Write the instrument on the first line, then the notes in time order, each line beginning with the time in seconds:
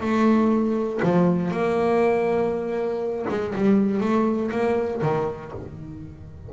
double bass
0.00 A3
1.03 F3
1.51 A#3
3.29 G#3
3.55 G3
4.00 A3
4.51 A#3
5.02 D#3